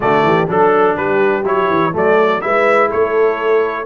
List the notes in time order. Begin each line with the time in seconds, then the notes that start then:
0.00 D3 A3 F#4 D5
0.23 E3 G4
0.47 F#3 D4 A4
0.95 G3 G4 B4
1.44 F#3 E4 C#5
1.70 E3
1.92 F#3 A3 A4 D5
2.41 G#3 E4 B4 E5
2.88 A3 A4 C#5